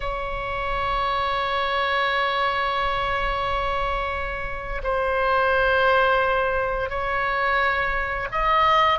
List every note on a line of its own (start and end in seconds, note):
0.00 4.81 C#5
4.83 6.89 C5
6.89 8.27 C#5
8.31 8.98 D#5